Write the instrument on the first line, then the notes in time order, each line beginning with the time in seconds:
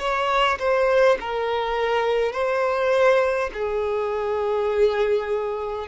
violin
0.00 C#5
0.59 C5
1.21 A#4
2.33 C5
3.54 G#4